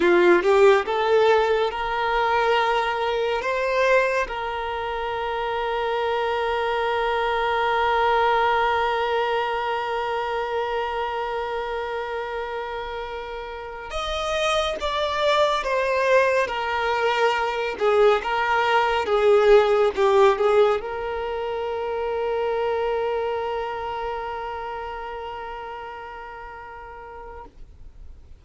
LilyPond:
\new Staff \with { instrumentName = "violin" } { \time 4/4 \tempo 4 = 70 f'8 g'8 a'4 ais'2 | c''4 ais'2.~ | ais'1~ | ais'1~ |
ais'16 dis''4 d''4 c''4 ais'8.~ | ais'8. gis'8 ais'4 gis'4 g'8 gis'16~ | gis'16 ais'2.~ ais'8.~ | ais'1 | }